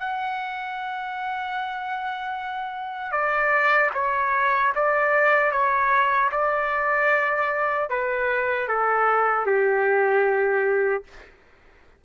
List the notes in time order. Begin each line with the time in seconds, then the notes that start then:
0.00 F#5
3.12 D5
3.95 C#5
4.75 D5
5.52 C#5
6.32 D5
7.90 B4
8.68 A4
9.46 G4